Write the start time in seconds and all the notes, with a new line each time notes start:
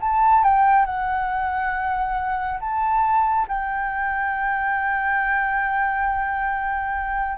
0.00 A5
0.43 G5
0.85 F#5
2.60 A5
3.48 G5